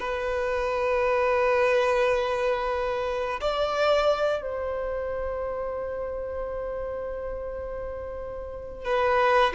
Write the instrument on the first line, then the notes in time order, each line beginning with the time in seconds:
violin
0.00 B4
3.41 D5
4.42 C5
8.85 B4